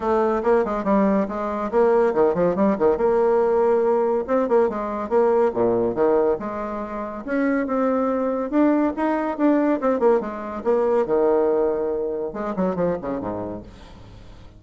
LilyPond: \new Staff \with { instrumentName = "bassoon" } { \time 4/4 \tempo 4 = 141 a4 ais8 gis8 g4 gis4 | ais4 dis8 f8 g8 dis8 ais4~ | ais2 c'8 ais8 gis4 | ais4 ais,4 dis4 gis4~ |
gis4 cis'4 c'2 | d'4 dis'4 d'4 c'8 ais8 | gis4 ais4 dis2~ | dis4 gis8 fis8 f8 cis8 gis,4 | }